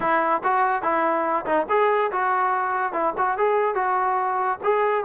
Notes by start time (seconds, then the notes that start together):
0.00 E4
0.43 F#4
0.82 E4
1.45 D#4
1.69 G#4
2.11 F#4
2.92 E4
3.17 F#4
3.37 G#4
3.74 F#4
4.63 G#4